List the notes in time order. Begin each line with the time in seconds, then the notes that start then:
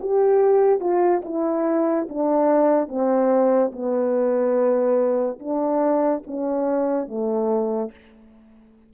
0.00 G4
0.80 F4
1.24 E4
2.09 D4
2.88 C4
3.72 B3
5.39 D4
6.27 C#4
7.08 A3